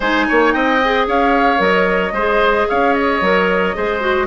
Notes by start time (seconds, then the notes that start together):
0.00 G#3 D#4 C5 G#5
0.28 A#3 C#5
0.52 C4 D#5 G5
0.83 G#4
1.07 C#4 C#5 F5
1.57 F#3 A#4 D#5
2.12 G#3 G#4 C5
2.69 C#4 C#5 F5
2.93 D#5
3.21 F#3 A#4
3.74 G#3 G#4 C5
4.00 F#4